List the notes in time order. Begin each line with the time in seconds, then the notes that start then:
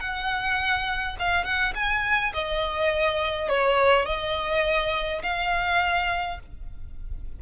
0.00 F#5
1.19 F5
1.44 F#5
1.75 G#5
2.34 D#5
3.49 C#5
4.05 D#5
5.23 F5